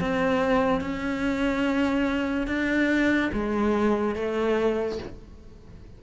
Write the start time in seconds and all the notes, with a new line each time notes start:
0.00 C4
0.81 C#4
2.47 D4
3.33 G#3
4.16 A3